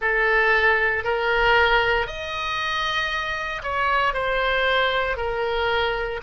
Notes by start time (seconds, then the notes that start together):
0.00 A4
1.03 A#4
2.06 D#5
3.63 C#5
4.13 C5
5.17 A#4